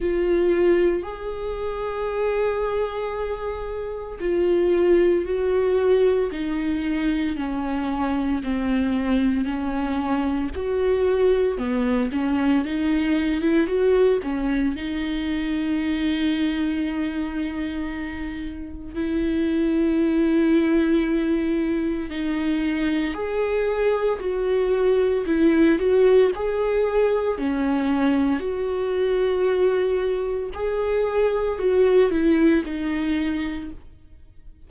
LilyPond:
\new Staff \with { instrumentName = "viola" } { \time 4/4 \tempo 4 = 57 f'4 gis'2. | f'4 fis'4 dis'4 cis'4 | c'4 cis'4 fis'4 b8 cis'8 | dis'8. e'16 fis'8 cis'8 dis'2~ |
dis'2 e'2~ | e'4 dis'4 gis'4 fis'4 | e'8 fis'8 gis'4 cis'4 fis'4~ | fis'4 gis'4 fis'8 e'8 dis'4 | }